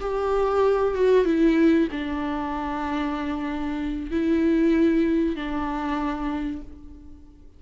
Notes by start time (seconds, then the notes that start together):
0.00 G4
0.94 F#4
1.25 E4
1.91 D4
4.11 E4
5.35 D4